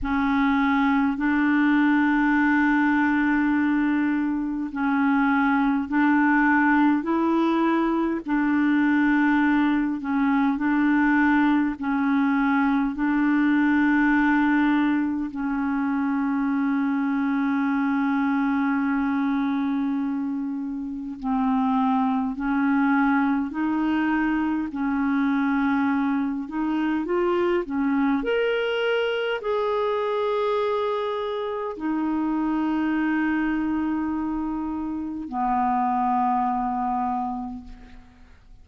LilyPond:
\new Staff \with { instrumentName = "clarinet" } { \time 4/4 \tempo 4 = 51 cis'4 d'2. | cis'4 d'4 e'4 d'4~ | d'8 cis'8 d'4 cis'4 d'4~ | d'4 cis'2.~ |
cis'2 c'4 cis'4 | dis'4 cis'4. dis'8 f'8 cis'8 | ais'4 gis'2 dis'4~ | dis'2 b2 | }